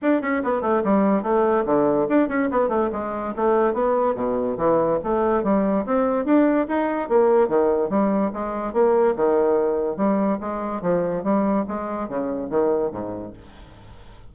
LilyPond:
\new Staff \with { instrumentName = "bassoon" } { \time 4/4 \tempo 4 = 144 d'8 cis'8 b8 a8 g4 a4 | d4 d'8 cis'8 b8 a8 gis4 | a4 b4 b,4 e4 | a4 g4 c'4 d'4 |
dis'4 ais4 dis4 g4 | gis4 ais4 dis2 | g4 gis4 f4 g4 | gis4 cis4 dis4 gis,4 | }